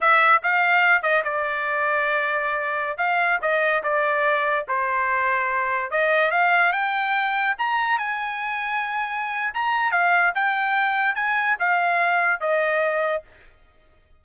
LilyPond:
\new Staff \with { instrumentName = "trumpet" } { \time 4/4 \tempo 4 = 145 e''4 f''4. dis''8 d''4~ | d''2.~ d''16 f''8.~ | f''16 dis''4 d''2 c''8.~ | c''2~ c''16 dis''4 f''8.~ |
f''16 g''2 ais''4 gis''8.~ | gis''2. ais''4 | f''4 g''2 gis''4 | f''2 dis''2 | }